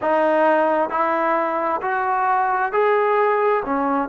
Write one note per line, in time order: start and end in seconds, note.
0.01 0.89 D#4
0.89 1.80 E4
1.81 2.72 F#4
2.72 3.63 G#4
3.65 4.08 C#4